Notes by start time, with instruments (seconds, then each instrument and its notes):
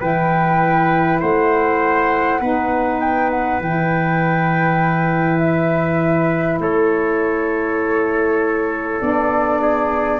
0.00 tuba E3, saxophone E4, trumpet B4, flute G5
1.20 tuba A3, trumpet C5, flute F#5
2.40 tuba B3, saxophone D#4, trumpet B4
3.00 flute G5
3.31 flute F#5
3.60 tuba E3, saxophone E4, flute G5
5.39 flute E5
6.59 tuba A3, trumpet A4, flute C#5
9.01 tuba B3, saxophone D4, flute D5
9.61 trumpet G#4